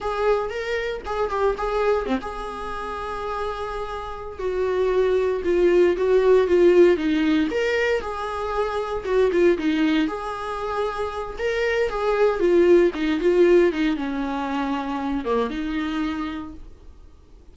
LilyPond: \new Staff \with { instrumentName = "viola" } { \time 4/4 \tempo 4 = 116 gis'4 ais'4 gis'8 g'8 gis'4 | c'16 gis'2.~ gis'8.~ | gis'8 fis'2 f'4 fis'8~ | fis'8 f'4 dis'4 ais'4 gis'8~ |
gis'4. fis'8 f'8 dis'4 gis'8~ | gis'2 ais'4 gis'4 | f'4 dis'8 f'4 dis'8 cis'4~ | cis'4. ais8 dis'2 | }